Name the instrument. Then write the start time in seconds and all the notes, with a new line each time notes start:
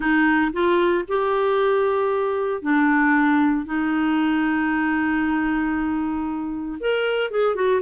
clarinet
0.00 D#4
0.52 F4
1.07 G4
2.62 D4
3.65 D#4
6.80 A#4
7.30 G#4
7.55 F#4